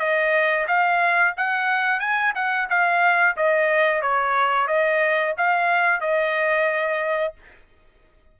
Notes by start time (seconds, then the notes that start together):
0.00 D#5
0.68 F5
1.37 F#5
2.00 G#5
2.35 F#5
2.70 F5
3.37 D#5
4.02 C#5
4.68 D#5
5.38 F5
6.01 D#5